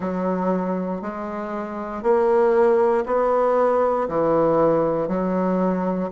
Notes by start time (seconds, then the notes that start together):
0.00 F#3
1.01 G#3
2.02 A#3
3.06 B3
4.08 E3
5.08 F#3